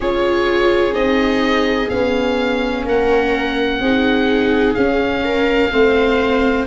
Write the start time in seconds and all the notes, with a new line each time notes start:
0.00 C#4 F4 G#4 C#5
0.92 C4 D#4 D#5
1.89 B3 C#4 F5
2.84 A#3 A#4 F#5
3.80 C4 D#4 G#4
4.74 C#4 F5
5.24 A#4
5.71 A3 C4 C5